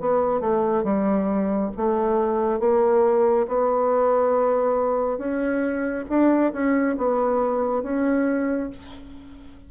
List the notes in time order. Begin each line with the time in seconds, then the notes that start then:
0.00 B3
0.40 A3
0.84 G3
1.77 A3
2.60 A#3
3.48 B3
5.18 C#4
6.09 D4
6.53 C#4
6.98 B3
7.83 C#4